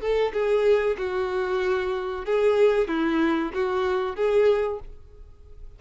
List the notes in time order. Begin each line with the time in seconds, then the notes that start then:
0.00 A4
0.32 G#4
0.97 F#4
2.25 G#4
2.88 E4
3.53 F#4
4.15 G#4